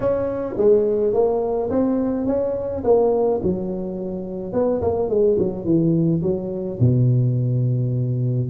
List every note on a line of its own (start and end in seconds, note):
0.00 0.55 C#4
0.57 1.13 G#3
1.13 1.69 A#3
1.70 2.26 C4
2.26 2.83 C#4
2.84 3.40 A#3
3.42 4.52 F#3
4.52 4.81 B3
4.81 5.09 A#3
5.09 5.37 G#3
5.38 5.64 F#3
5.64 6.21 E3
6.22 6.78 F#3
6.80 8.49 B2